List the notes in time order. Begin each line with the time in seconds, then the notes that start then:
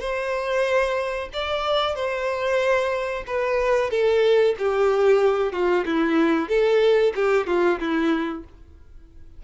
0.00 C5
1.33 D5
1.95 C5
3.26 B4
3.90 A4
4.58 G4
5.52 F4
5.85 E4
6.48 A4
7.15 G4
7.46 F4
7.79 E4